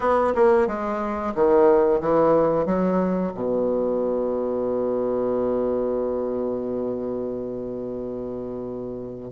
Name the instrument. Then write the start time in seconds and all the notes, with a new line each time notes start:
bassoon
0.00 B3
0.35 A#3
0.67 G#3
1.34 D#3
2.00 E3
2.65 F#3
3.34 B2